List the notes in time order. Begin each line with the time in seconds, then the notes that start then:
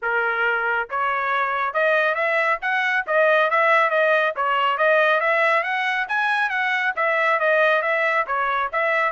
0.02 A#4
0.90 C#5
1.73 D#5
2.14 E5
2.61 F#5
3.07 D#5
3.50 E5
3.90 D#5
4.36 C#5
4.77 D#5
5.20 E5
5.63 F#5
6.08 G#5
6.49 F#5
6.96 E5
7.39 D#5
7.82 E5
8.26 C#5
8.72 E5